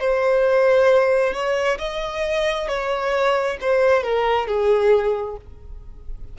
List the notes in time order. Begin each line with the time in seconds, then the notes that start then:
0.00 C5
1.33 C#5
1.78 D#5
2.67 C#5
3.61 C5
4.03 A#4
4.47 G#4